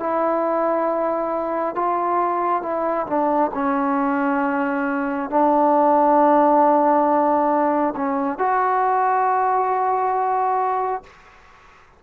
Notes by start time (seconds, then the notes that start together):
0.00 E4
1.75 F4
2.62 E4
3.07 D4
3.55 C#4
5.30 D4
7.96 C#4
8.39 F#4